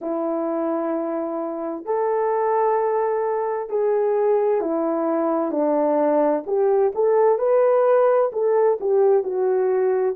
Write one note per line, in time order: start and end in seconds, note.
0.01 1.85 E4
1.85 3.69 A4
3.69 4.61 G#4
4.61 5.51 E4
5.51 6.43 D4
6.46 6.92 G4
6.94 7.38 A4
7.38 8.30 B4
8.32 8.78 A4
8.80 9.23 G4
9.23 10.15 F#4